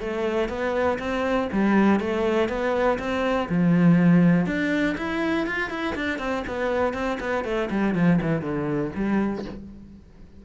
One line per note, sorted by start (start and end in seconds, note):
0.00 0.49 A3
0.49 0.98 B3
0.99 1.48 C4
1.52 2.00 G3
2.00 2.49 A3
2.49 2.98 B3
2.99 3.48 C4
3.49 4.47 F3
4.47 4.96 D4
4.98 5.47 E4
5.47 5.70 F4
5.70 5.95 E4
5.95 6.19 D4
6.19 6.44 C4
6.47 6.94 B3
6.94 7.18 C4
7.20 7.44 B3
7.44 7.69 A3
7.70 7.95 G3
7.95 8.19 F3
8.22 8.41 E3
8.41 8.91 D3
8.95 9.45 G3